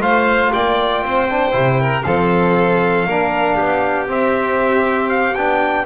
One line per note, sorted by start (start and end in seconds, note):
0.00 0.51 A3
0.00 1.28 F4
0.00 0.52 C5
0.00 0.52 F5
0.53 1.02 A#3
0.53 1.03 D5
0.53 2.03 G5
1.02 1.53 C4
1.02 1.80 C5
1.28 1.51 D4
1.51 2.04 C3
1.51 2.02 E4
1.80 2.05 A#4
2.03 3.06 F3
2.03 3.08 C4
2.03 3.07 A4
2.03 4.06 F5
3.06 3.57 A#3
3.06 4.07 D4
3.06 3.55 A#4
3.55 4.09 B3
3.55 5.84 G4
4.07 5.34 C4
4.07 5.36 C4
4.07 5.09 E5
5.09 5.34 F5
5.34 5.85 B3
5.34 5.85 D4
5.34 5.85 G5